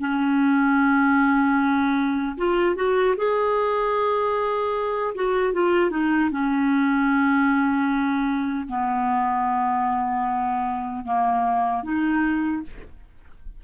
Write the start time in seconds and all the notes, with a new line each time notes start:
0.00 C#4
2.38 F4
2.76 F#4
3.17 G#4
5.15 F#4
5.54 F4
5.91 D#4
6.31 C#4
8.68 B3
11.05 A#3
11.84 D#4